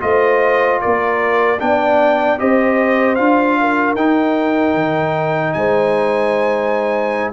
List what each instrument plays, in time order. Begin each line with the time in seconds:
0.00 tuba A3, trombone F4, horn C5, trumpet D#5
0.81 tuba A#3, horn A#4, trumpet D5
1.60 tuba B3, trombone D4, horn D5, trumpet G5
2.38 tuba C4, trombone G4, horn C5, trumpet D#5
3.15 tuba D4, trombone F4, trumpet F5
3.61 horn A#4
3.95 tuba D#4, trombone D#4, trumpet G5
4.74 tuba D#3
5.53 tuba G#3, horn C5, trumpet G#5